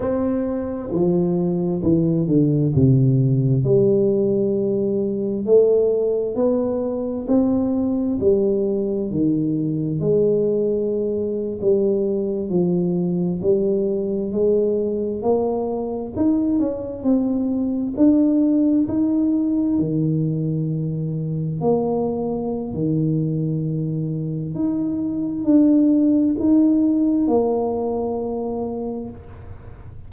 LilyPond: \new Staff \with { instrumentName = "tuba" } { \time 4/4 \tempo 4 = 66 c'4 f4 e8 d8 c4 | g2 a4 b4 | c'4 g4 dis4 gis4~ | gis8. g4 f4 g4 gis16~ |
gis8. ais4 dis'8 cis'8 c'4 d'16~ | d'8. dis'4 dis2 ais16~ | ais4 dis2 dis'4 | d'4 dis'4 ais2 | }